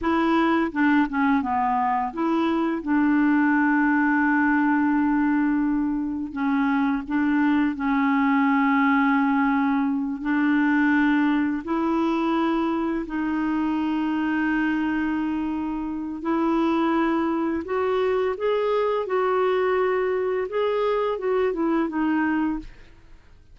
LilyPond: \new Staff \with { instrumentName = "clarinet" } { \time 4/4 \tempo 4 = 85 e'4 d'8 cis'8 b4 e'4 | d'1~ | d'4 cis'4 d'4 cis'4~ | cis'2~ cis'8 d'4.~ |
d'8 e'2 dis'4.~ | dis'2. e'4~ | e'4 fis'4 gis'4 fis'4~ | fis'4 gis'4 fis'8 e'8 dis'4 | }